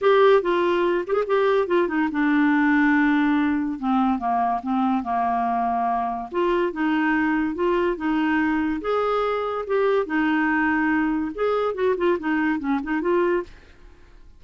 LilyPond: \new Staff \with { instrumentName = "clarinet" } { \time 4/4 \tempo 4 = 143 g'4 f'4. g'16 gis'16 g'4 | f'8 dis'8 d'2.~ | d'4 c'4 ais4 c'4 | ais2. f'4 |
dis'2 f'4 dis'4~ | dis'4 gis'2 g'4 | dis'2. gis'4 | fis'8 f'8 dis'4 cis'8 dis'8 f'4 | }